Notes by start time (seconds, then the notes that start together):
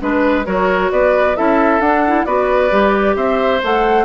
0.00 G#3 D4 B4
0.45 F#3 F#4 A#4 C#5
0.91 B3 B4 D5
1.36 C#4 E4 A4 E5
1.80 D4 F#5
2.08 E4
2.25 B3 F#4 B4 D5
2.70 G3 G4
3.16 C4 C5 E5
3.63 A3 A4 F#5